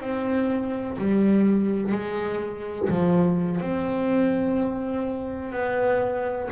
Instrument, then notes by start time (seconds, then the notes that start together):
double bass
0.00 C4
0.98 G3
1.92 G#3
2.89 F3
3.61 C4
5.52 B3